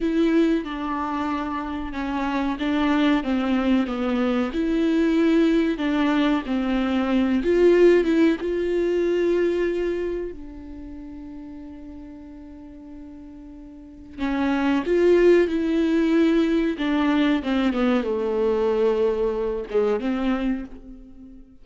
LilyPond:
\new Staff \with { instrumentName = "viola" } { \time 4/4 \tempo 4 = 93 e'4 d'2 cis'4 | d'4 c'4 b4 e'4~ | e'4 d'4 c'4. f'8~ | f'8 e'8 f'2. |
d'1~ | d'2 cis'4 f'4 | e'2 d'4 c'8 b8 | a2~ a8 gis8 c'4 | }